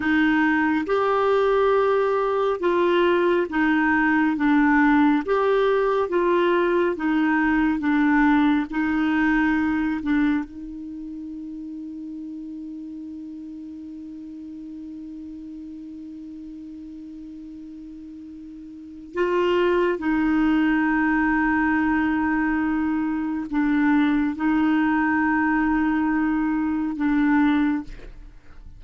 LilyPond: \new Staff \with { instrumentName = "clarinet" } { \time 4/4 \tempo 4 = 69 dis'4 g'2 f'4 | dis'4 d'4 g'4 f'4 | dis'4 d'4 dis'4. d'8 | dis'1~ |
dis'1~ | dis'2 f'4 dis'4~ | dis'2. d'4 | dis'2. d'4 | }